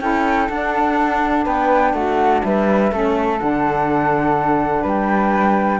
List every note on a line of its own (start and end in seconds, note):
0.00 0.48 C#4
0.00 0.49 E4
0.00 1.45 A4
0.00 0.48 G5
0.48 1.45 D4
0.48 2.92 D4
0.48 1.45 F#5
1.45 1.93 B3
1.45 1.93 B4
1.45 1.94 G5
1.93 2.42 A3
1.93 2.44 F#4
1.93 2.42 F#5
2.43 2.92 G3
2.43 2.93 B4
2.43 3.39 E5
2.92 3.40 A3
2.92 3.39 C#4
2.92 4.82 A4
3.39 4.83 D3
3.39 5.80 D4
3.39 4.84 F#5
4.82 5.80 G3
4.82 5.78 B4
4.82 5.80 G5